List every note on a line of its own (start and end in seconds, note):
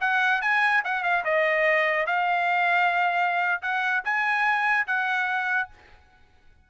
0.00 0.41 F#5
0.41 0.83 G#5
0.84 1.03 F#5
1.03 1.24 F5
1.24 2.06 D#5
2.06 3.61 F5
3.62 4.03 F#5
4.04 4.86 G#5
4.86 5.69 F#5